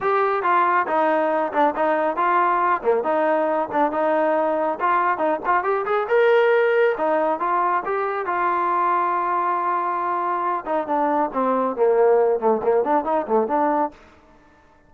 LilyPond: \new Staff \with { instrumentName = "trombone" } { \time 4/4 \tempo 4 = 138 g'4 f'4 dis'4. d'8 | dis'4 f'4. ais8 dis'4~ | dis'8 d'8 dis'2 f'4 | dis'8 f'8 g'8 gis'8 ais'2 |
dis'4 f'4 g'4 f'4~ | f'1~ | f'8 dis'8 d'4 c'4 ais4~ | ais8 a8 ais8 d'8 dis'8 a8 d'4 | }